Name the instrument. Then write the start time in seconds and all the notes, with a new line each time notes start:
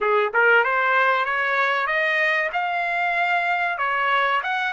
trumpet
0.00 G#4
0.33 A#4
0.63 C5
1.25 C#5
1.86 D#5
2.53 F5
3.78 C#5
4.43 F#5